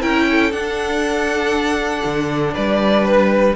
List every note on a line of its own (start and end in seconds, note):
0.00 0.52 C#4
0.00 0.51 E4
0.00 0.25 A#4
0.00 0.51 G5
0.30 2.53 A4
0.51 2.03 D4
0.51 3.54 D4
0.51 2.53 F#5
2.04 2.55 D3
2.53 3.56 G3
2.53 3.54 B4
2.53 3.05 D5
3.05 3.55 B4